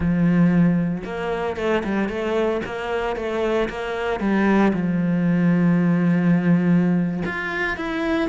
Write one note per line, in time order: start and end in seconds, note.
0.00 1.03 F3
1.04 1.56 A#3
1.56 1.83 A3
1.84 2.08 G3
2.08 2.61 A3
2.65 3.16 A#3
3.16 3.68 A3
3.69 4.19 A#3
4.19 4.72 G3
4.73 7.23 F3
7.25 7.76 F4
7.76 8.29 E4